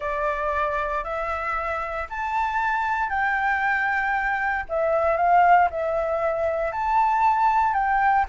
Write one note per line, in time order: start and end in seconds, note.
0.00 1.03 D5
1.03 2.07 E5
2.09 3.09 A5
3.09 4.64 G5
4.68 5.17 E5
5.17 5.68 F5
5.70 6.72 E5
6.72 7.73 A5
7.73 8.25 G5